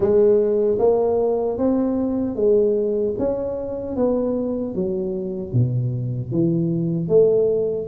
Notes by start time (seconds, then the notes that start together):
0.00 G#3
0.79 A#3
1.58 C4
2.35 G#3
3.18 C#4
3.96 B3
4.74 F#3
5.52 B2
6.31 E3
7.08 A3